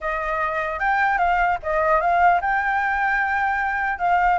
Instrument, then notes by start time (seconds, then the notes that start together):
flute
0.00 D#5
0.79 G5
1.18 F5
1.62 D#5
2.01 F5
2.41 G5
3.99 F5